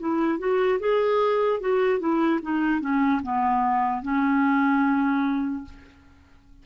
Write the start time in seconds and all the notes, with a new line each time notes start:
0.00 E4
0.39 F#4
0.80 G#4
1.61 F#4
2.00 E4
2.43 D#4
2.81 C#4
3.23 B3
4.03 C#4